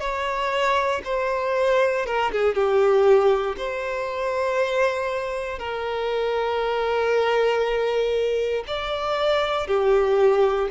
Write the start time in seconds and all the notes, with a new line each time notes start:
0.00 C#5
1.04 C5
2.06 A#4
2.32 G#4
2.55 G4
3.57 C5
5.59 A#4
8.67 D5
9.67 G4